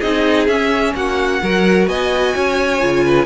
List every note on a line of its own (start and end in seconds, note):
0.00 0.48 C4
0.00 0.49 D#4
0.00 0.93 G#4
0.00 0.47 D#5
0.47 0.94 C#4
0.47 1.42 C#4
0.47 0.94 E5
0.95 1.41 A#3
0.95 1.42 F#4
0.95 1.88 F#5
1.43 1.87 F#3
1.43 2.80 F#4
1.43 1.89 A#4
1.87 2.34 B3
1.87 2.35 D#5
1.87 3.26 G#5
2.35 2.83 C#4
2.35 3.04 C#5
2.80 3.26 C#3
2.80 3.26 F4
3.05 3.26 B4